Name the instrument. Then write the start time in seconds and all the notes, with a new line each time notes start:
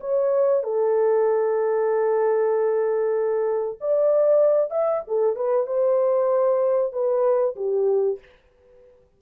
horn
0.00 C#5
0.63 A4
3.80 D5
4.70 E5
5.07 A4
5.35 B4
5.66 C5
6.92 B4
7.56 G4